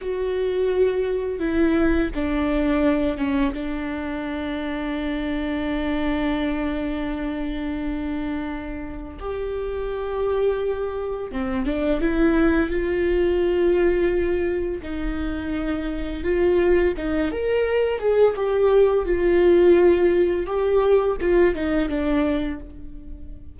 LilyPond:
\new Staff \with { instrumentName = "viola" } { \time 4/4 \tempo 4 = 85 fis'2 e'4 d'4~ | d'8 cis'8 d'2.~ | d'1~ | d'4 g'2. |
c'8 d'8 e'4 f'2~ | f'4 dis'2 f'4 | dis'8 ais'4 gis'8 g'4 f'4~ | f'4 g'4 f'8 dis'8 d'4 | }